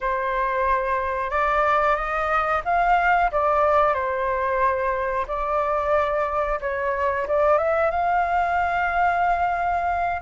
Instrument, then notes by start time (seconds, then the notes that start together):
flute
0.00 C5
1.30 D5
1.96 D#5
2.65 F5
3.31 D5
3.94 C5
5.27 D5
6.60 C#5
7.27 D5
7.58 E5
7.90 F5